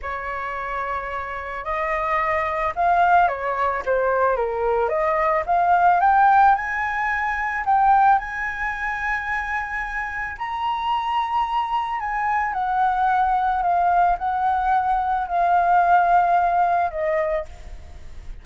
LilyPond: \new Staff \with { instrumentName = "flute" } { \time 4/4 \tempo 4 = 110 cis''2. dis''4~ | dis''4 f''4 cis''4 c''4 | ais'4 dis''4 f''4 g''4 | gis''2 g''4 gis''4~ |
gis''2. ais''4~ | ais''2 gis''4 fis''4~ | fis''4 f''4 fis''2 | f''2. dis''4 | }